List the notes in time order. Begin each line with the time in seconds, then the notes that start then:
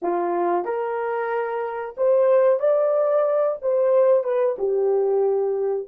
0.01 F4
0.64 A#4
1.97 C5
2.59 D5
3.61 C5
4.23 B4
4.58 G4